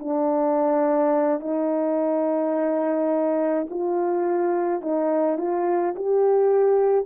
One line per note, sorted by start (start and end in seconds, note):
0.00 1.41 D4
1.41 3.67 D#4
3.70 4.82 F4
4.82 5.38 D#4
5.38 5.95 F4
5.96 7.07 G4